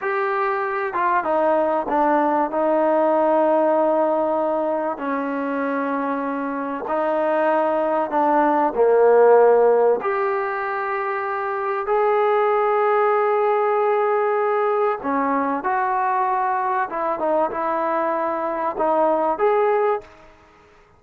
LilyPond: \new Staff \with { instrumentName = "trombone" } { \time 4/4 \tempo 4 = 96 g'4. f'8 dis'4 d'4 | dis'1 | cis'2. dis'4~ | dis'4 d'4 ais2 |
g'2. gis'4~ | gis'1 | cis'4 fis'2 e'8 dis'8 | e'2 dis'4 gis'4 | }